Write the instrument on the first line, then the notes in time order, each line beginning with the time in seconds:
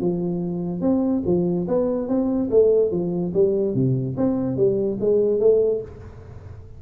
tuba
0.00 F3
0.81 C4
1.25 F3
1.68 B3
2.08 C4
2.50 A3
2.91 F3
3.33 G3
3.74 C3
4.17 C4
4.56 G3
5.00 G#3
5.40 A3